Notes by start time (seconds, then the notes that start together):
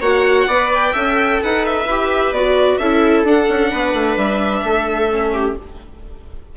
0.00 A#3 F#4 C#5 F#5
0.47 B3 B4 D5
0.73 G5
0.92 C#4 A4 E5
1.42 D#4 B4 F#5
1.65 E5
1.85 E4 G4
2.31 B3 F#4 D5
2.77 C#4 E4 A4 E5
3.23 D4 F#5
3.48 C#4
3.71 B3 B4
3.93 A3
4.16 G3 E5
4.63 A3 A4
5.10 C#4
5.33 G4